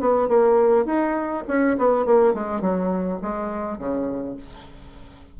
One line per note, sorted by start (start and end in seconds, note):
0.00 0.28 B3
0.28 0.85 A#3
0.85 1.44 D#4
1.48 1.77 C#4
1.78 2.05 B3
2.05 2.34 A#3
2.34 2.61 G#3
2.61 3.19 F#3
3.22 3.78 G#3
3.78 4.36 C#3